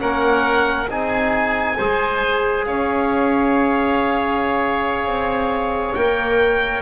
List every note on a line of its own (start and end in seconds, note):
0.00 0.89 A#3
0.00 0.88 C#4
0.00 0.89 A#4
0.00 0.89 F#5
0.89 1.77 C4
0.89 1.78 D#4
0.89 1.78 G#4
0.89 2.65 G#5
1.78 2.68 G#3
1.78 5.97 G#4
1.78 2.66 C5
2.65 5.06 C#4
2.65 6.83 C#5
2.65 5.94 F5
5.06 5.94 C4
5.94 6.83 A#3
5.94 6.83 A#4
5.94 6.83 G5